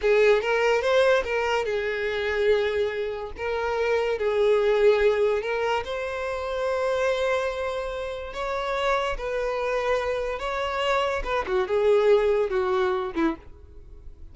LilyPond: \new Staff \with { instrumentName = "violin" } { \time 4/4 \tempo 4 = 144 gis'4 ais'4 c''4 ais'4 | gis'1 | ais'2 gis'2~ | gis'4 ais'4 c''2~ |
c''1 | cis''2 b'2~ | b'4 cis''2 b'8 fis'8 | gis'2 fis'4. e'8 | }